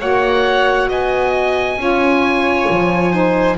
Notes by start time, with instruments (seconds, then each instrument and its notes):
0.00 double bass A#3, saxophone F#4, violin C#5, oboe F#5
0.89 double bass B3, violin D#5, oboe G#5
1.77 double bass C#4, saxophone F4, violin C#5
2.70 double bass F3
3.12 saxophone D#4, violin C5